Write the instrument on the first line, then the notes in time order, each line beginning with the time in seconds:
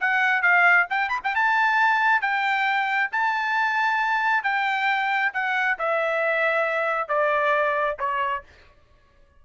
trumpet
0.00 F#5
0.42 F5
0.89 G5
1.09 B5
1.24 G5
1.35 A5
2.21 G5
3.12 A5
4.43 G5
5.33 F#5
5.79 E5
7.08 D5
7.99 C#5